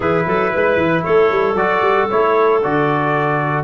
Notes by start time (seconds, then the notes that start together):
0.00 E3 E4 G#4 B4
0.26 F#3 A4
0.53 G#3 B4
0.77 E3
1.03 A3 A4 C#5
1.31 G3
1.54 F#3 F#4 D5
1.81 G3
2.09 A3 E4 C#5
2.63 D3 F#4 D5